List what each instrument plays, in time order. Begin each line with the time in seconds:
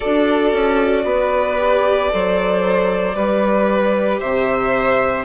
0.00 bassoon D4, viola F#4, violin A4 D5
0.52 bassoon C#4
1.04 bassoon B3, violin B4
1.57 viola G4
2.09 bassoon F#3, viola A4, violin C5
3.14 bassoon G3, viola G4, violin B4
4.20 bassoon C3, violin C5 E5